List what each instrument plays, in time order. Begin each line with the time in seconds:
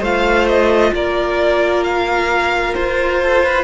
0.00 cello A3, viola F4, violin C5 F5
0.48 violin D#5
0.93 cello A#3, violin A#4 D5
1.84 violin F5
2.74 cello F4, violin C5
3.23 violin A4
3.44 violin B4